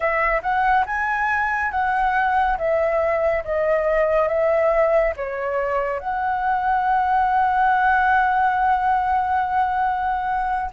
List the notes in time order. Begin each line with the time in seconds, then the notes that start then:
0.00 E5
0.42 F#5
0.86 G#5
1.71 F#5
2.58 E5
3.44 D#5
4.27 E5
5.16 C#5
5.99 F#5